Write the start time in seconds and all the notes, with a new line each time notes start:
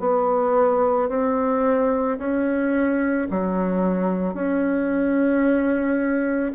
0.00 B3
1.09 C4
2.19 C#4
3.31 F#3
4.34 C#4